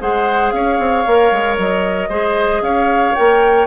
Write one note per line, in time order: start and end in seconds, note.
0.00 0.52 G#3
0.00 1.05 G#4
0.00 0.54 C5
0.00 0.50 F#5
0.50 0.78 C#4
0.50 2.09 C#5
0.50 1.56 F5
0.79 1.05 C4
1.06 1.31 A#3
1.06 2.10 A#4
1.31 1.58 G#3
1.58 2.09 F#3
1.58 2.63 D#5
2.09 2.61 G#3
2.09 3.15 G#4
2.09 2.62 C5
2.61 3.14 C#4
2.61 3.67 C#5
2.61 3.15 F5
3.15 3.67 A#3
3.15 3.67 A#4
3.15 3.67 G5